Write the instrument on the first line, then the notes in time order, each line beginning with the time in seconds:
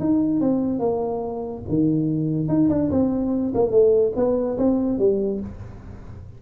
tuba
0.00 D#4
0.41 C4
0.79 A#3
1.69 D#3
2.48 D#4
2.70 D4
2.91 C4
3.55 A#3
3.71 A3
4.16 B3
4.58 C4
4.99 G3